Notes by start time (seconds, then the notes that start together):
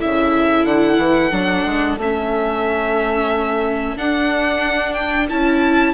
0.00 C#3 E4 A4 E5
0.64 D3 F#5
0.98 E3
1.31 F#3 D4
1.65 G#3
1.98 A3 C#4 E5
3.97 D4 F#5
4.94 G5
5.29 C#4 E4 A5